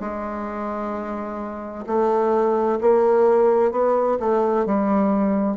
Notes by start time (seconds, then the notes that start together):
0.00 G#3
1.86 A3
2.81 A#3
3.71 B3
4.20 A3
4.66 G3